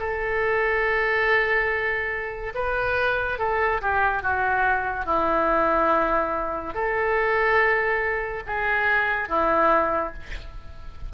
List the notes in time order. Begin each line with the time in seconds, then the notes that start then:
0.00 A4
2.55 B4
3.39 A4
3.82 G4
4.23 F#4
5.06 E4
6.75 A4
8.47 G#4
9.29 E4